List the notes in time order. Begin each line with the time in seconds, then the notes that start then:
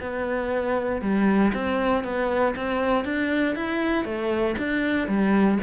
0.00 B3
1.01 G3
1.53 C4
2.03 B3
2.56 C4
3.04 D4
3.55 E4
4.04 A3
4.58 D4
5.08 G3